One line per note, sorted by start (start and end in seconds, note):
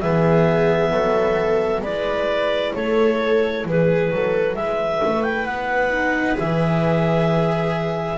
0.00 0.92 E3
0.00 1.84 B3
0.00 0.91 G#4
0.00 1.82 E5
0.91 1.80 F#3
0.91 1.82 A4
1.80 2.71 G#3
1.80 5.92 E4
1.80 2.73 B4
1.80 2.73 D5
2.75 3.65 A3
2.75 3.66 A4
2.75 3.66 C#5
3.65 4.10 E3
3.65 4.13 G#4
3.65 4.55 B4
4.11 4.56 F#3
4.11 4.58 A4
4.55 5.01 G#3
4.55 8.18 B4
4.55 5.23 E5
5.05 5.46 A3
5.23 5.45 G5
5.45 6.37 B3
5.45 6.36 F#5
5.92 6.35 D#4
6.35 8.18 E3
6.35 8.17 G#4
6.35 8.18 E5